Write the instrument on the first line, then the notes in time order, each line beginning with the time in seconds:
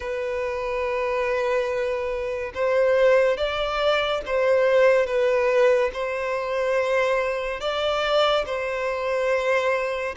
violin
0.00 B4
2.54 C5
3.37 D5
4.26 C5
5.06 B4
5.93 C5
7.60 D5
8.45 C5